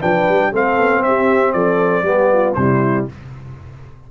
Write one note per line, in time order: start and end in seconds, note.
0.00 0.29 F3
0.00 0.52 D4
0.00 0.51 B4
0.00 0.54 G5
0.29 0.54 G3
0.52 0.78 A3
0.52 2.05 C4
0.52 1.03 A4
0.52 1.04 F5
0.78 1.03 B3
1.03 1.54 C4
1.03 1.54 G4
1.03 1.53 E5
1.53 2.03 F3
1.53 2.05 A4
1.53 2.54 D5
2.03 2.54 G3
2.03 2.56 B3
2.03 2.34 G4
2.34 2.59 F4
2.54 3.08 C3
2.54 3.10 G3
2.54 3.05 C5
2.60 3.12 E4